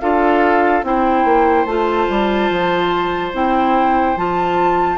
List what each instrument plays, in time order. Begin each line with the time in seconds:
0.00 bassoon D4, clarinet F4, oboe A4, flute F5
0.83 bassoon C4, clarinet E4, oboe C5, flute G5
1.24 bassoon A#3
1.65 bassoon A3, clarinet F4, flute A5
2.09 bassoon G3
2.50 bassoon F3
3.33 bassoon C4, clarinet E4, flute G5
4.16 bassoon F3, clarinet F4, flute A5